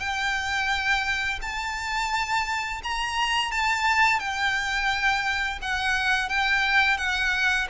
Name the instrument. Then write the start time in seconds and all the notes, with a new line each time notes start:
violin
0.00 G5
1.42 A5
2.84 A#5
3.51 A5
4.19 G5
5.62 F#5
6.29 G5
6.98 F#5